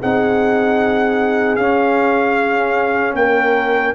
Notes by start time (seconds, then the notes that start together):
0.00 C4 D#4 G#4 F#5
1.56 C#4 F5
3.14 A#3 A#4 G5